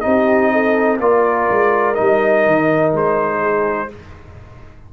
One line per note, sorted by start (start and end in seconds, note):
0.00 0.99 C4
0.00 0.98 D#4
0.00 0.52 G4
0.00 0.97 D#5
0.52 1.00 A4
0.99 1.48 A#3
0.99 1.95 F4
0.99 3.40 A#4
0.99 1.94 D5
1.50 1.98 G#3
1.94 2.46 G3
1.94 3.88 D#4
1.94 2.91 D#5
2.46 2.93 D#3
2.93 3.90 G#3
2.93 3.93 C5
3.40 3.89 G#4